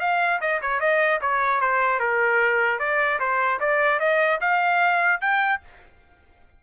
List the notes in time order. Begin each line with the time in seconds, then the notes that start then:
0.00 F5
0.41 D#5
0.62 C#5
0.80 D#5
1.21 C#5
1.61 C5
2.00 A#4
2.79 D5
3.20 C5
3.60 D5
3.99 D#5
4.41 F5
5.21 G5